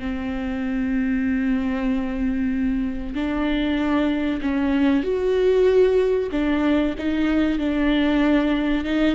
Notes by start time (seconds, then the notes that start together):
0.00 C4
3.15 D4
4.42 C#4
5.04 F#4
6.32 D4
6.99 D#4
7.59 D4
8.85 D#4